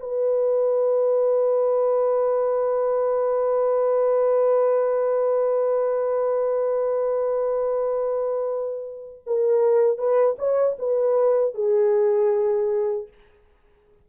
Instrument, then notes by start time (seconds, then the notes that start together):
horn
0.00 B4
9.27 A#4
9.99 B4
10.39 C#5
10.79 B4
11.55 G#4